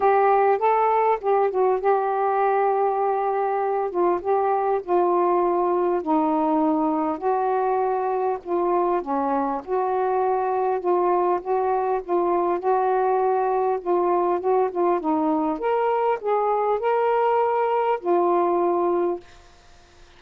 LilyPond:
\new Staff \with { instrumentName = "saxophone" } { \time 4/4 \tempo 4 = 100 g'4 a'4 g'8 fis'8 g'4~ | g'2~ g'8 f'8 g'4 | f'2 dis'2 | fis'2 f'4 cis'4 |
fis'2 f'4 fis'4 | f'4 fis'2 f'4 | fis'8 f'8 dis'4 ais'4 gis'4 | ais'2 f'2 | }